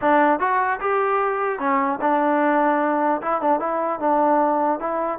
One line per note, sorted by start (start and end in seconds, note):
0.01 0.39 D4
0.39 0.79 F#4
0.80 1.59 G4
1.59 1.99 C#4
2.01 3.21 D4
3.21 3.41 E4
3.41 3.59 D4
3.59 3.99 E4
3.99 4.79 D4
4.79 5.19 E4